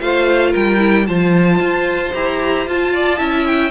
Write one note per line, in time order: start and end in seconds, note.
0.00 0.54 A3
0.00 0.78 F4
0.00 0.50 C5
0.00 0.53 F5
0.50 1.08 G3
0.50 1.03 A#4
0.50 1.06 G5
0.78 1.05 E4
1.06 1.59 F3
1.06 2.12 F4
1.06 2.93 C5
1.06 2.13 A5
1.59 2.12 F4
2.14 2.66 E4
2.14 2.66 G4
2.14 2.67 A#5
2.66 3.17 F4
2.66 3.19 F4
2.66 3.46 A5
2.93 3.18 D5
3.17 3.71 C#4
3.17 3.70 E4
3.17 3.71 E5
3.46 3.71 G5